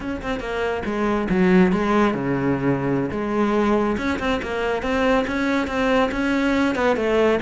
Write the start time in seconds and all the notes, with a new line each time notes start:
0.00 C#4
0.22 C4
0.40 A#3
0.85 G#3
1.29 F#3
1.72 G#3
2.14 C#3
3.11 G#3
3.97 C#4
4.19 C4
4.42 A#3
4.82 C4
5.27 C#4
5.67 C4
6.11 C#4
6.75 B3
6.96 A3